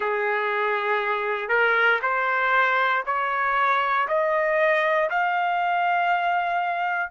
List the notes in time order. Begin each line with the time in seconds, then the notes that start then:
0.00 G#4
1.48 A#4
2.02 C5
3.06 C#5
4.08 D#5
5.10 F5